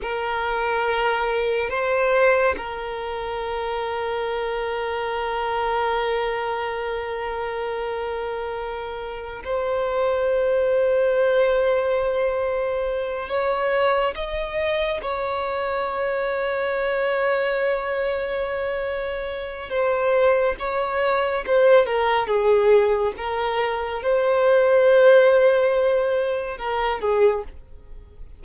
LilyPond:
\new Staff \with { instrumentName = "violin" } { \time 4/4 \tempo 4 = 70 ais'2 c''4 ais'4~ | ais'1~ | ais'2. c''4~ | c''2.~ c''8 cis''8~ |
cis''8 dis''4 cis''2~ cis''8~ | cis''2. c''4 | cis''4 c''8 ais'8 gis'4 ais'4 | c''2. ais'8 gis'8 | }